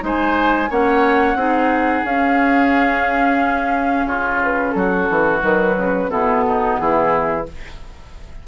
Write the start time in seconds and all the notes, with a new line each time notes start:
0.00 G#3 D#4 C5
0.07 G#5
0.70 A#3 C#4 C#5 F#5
1.35 C4 D#4 G#4
2.05 C#4 F5
4.05 C#3 F4 C#5
4.44 B4
4.72 F#3 A4
4.78 F#4
5.10 E3
5.41 D#3 F#3 B4
5.77 C#3
6.09 B2 B3 E4 A4
6.47 D#4
6.79 E3 E4 G#4